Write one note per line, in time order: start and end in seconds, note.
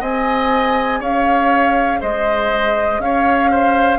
0.00 1.01 C4
0.00 3.99 G#4
0.00 1.00 D#5
0.00 1.02 G#5
1.00 2.01 C#4
1.00 2.00 C#5
1.00 2.02 F5
2.00 2.99 G#3
2.00 3.00 C5
2.00 3.01 D#5
2.99 3.99 C#4
2.99 3.51 C#5
2.99 3.99 F5
3.51 3.99 C5